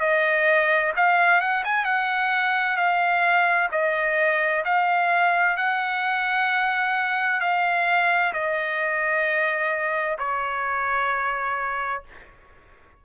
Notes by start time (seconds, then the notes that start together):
0.00 D#5
0.97 F5
1.41 F#5
1.65 G#5
1.85 F#5
2.77 F5
3.72 D#5
4.65 F5
5.57 F#5
7.41 F5
8.33 D#5
10.18 C#5